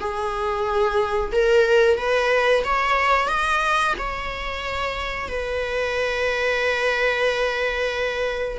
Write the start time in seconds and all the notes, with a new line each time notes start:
0.00 G#4
1.32 A#4
1.98 B4
2.64 C#5
3.28 D#5
3.99 C#5
5.29 B4